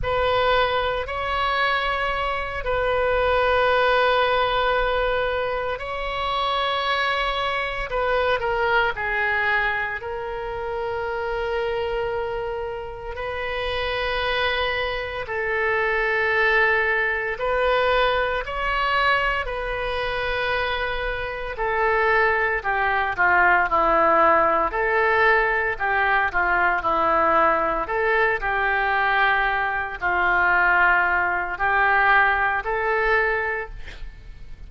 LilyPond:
\new Staff \with { instrumentName = "oboe" } { \time 4/4 \tempo 4 = 57 b'4 cis''4. b'4.~ | b'4. cis''2 b'8 | ais'8 gis'4 ais'2~ ais'8~ | ais'8 b'2 a'4.~ |
a'8 b'4 cis''4 b'4.~ | b'8 a'4 g'8 f'8 e'4 a'8~ | a'8 g'8 f'8 e'4 a'8 g'4~ | g'8 f'4. g'4 a'4 | }